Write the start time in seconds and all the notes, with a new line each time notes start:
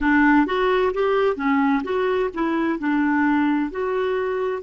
0.00 D4
0.46 F#4
0.93 G4
1.36 C#4
1.83 F#4
2.33 E4
2.79 D4
3.70 F#4